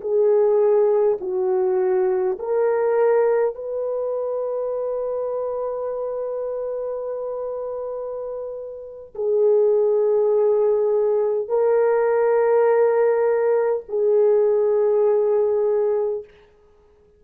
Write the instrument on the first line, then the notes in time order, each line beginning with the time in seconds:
horn
0.00 G#4
1.20 F#4
2.39 A#4
3.55 B4
9.14 G#4
11.48 A#4
13.88 G#4